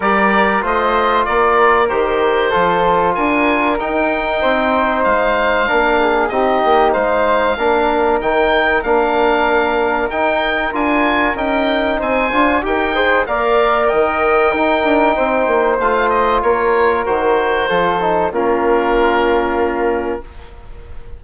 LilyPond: <<
  \new Staff \with { instrumentName = "oboe" } { \time 4/4 \tempo 4 = 95 d''4 dis''4 d''4 c''4~ | c''4 gis''4 g''2 | f''2 dis''4 f''4~ | f''4 g''4 f''2 |
g''4 gis''4 g''4 gis''4 | g''4 f''4 g''2~ | g''4 f''8 dis''8 cis''4 c''4~ | c''4 ais'2. | }
  \new Staff \with { instrumentName = "flute" } { \time 4/4 ais'4 c''4 ais'2 | a'4 ais'2 c''4~ | c''4 ais'8 gis'8 g'4 c''4 | ais'1~ |
ais'2. c''4 | ais'8 c''8 d''4 dis''4 ais'4 | c''2 ais'2 | a'4 f'2. | }
  \new Staff \with { instrumentName = "trombone" } { \time 4/4 g'4 f'2 g'4 | f'2 dis'2~ | dis'4 d'4 dis'2 | d'4 dis'4 d'2 |
dis'4 f'4 dis'4. f'8 | g'8 gis'8 ais'2 dis'4~ | dis'4 f'2 fis'4 | f'8 dis'8 cis'2. | }
  \new Staff \with { instrumentName = "bassoon" } { \time 4/4 g4 a4 ais4 dis4 | f4 d'4 dis'4 c'4 | gis4 ais4 c'8 ais8 gis4 | ais4 dis4 ais2 |
dis'4 d'4 cis'4 c'8 d'8 | dis'4 ais4 dis4 dis'8 d'8 | c'8 ais8 a4 ais4 dis4 | f4 ais2. | }
>>